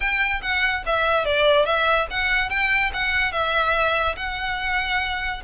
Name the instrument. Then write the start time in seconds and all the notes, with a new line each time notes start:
violin
0.00 G5
0.42 F#5
0.86 E5
1.25 D5
1.65 E5
2.10 F#5
2.49 G5
2.93 F#5
3.32 E5
4.16 F#5